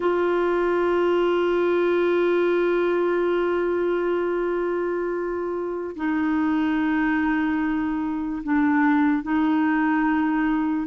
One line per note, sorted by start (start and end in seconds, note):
0.00 5.95 F4
5.96 8.42 D#4
8.43 9.22 D4
9.22 10.87 D#4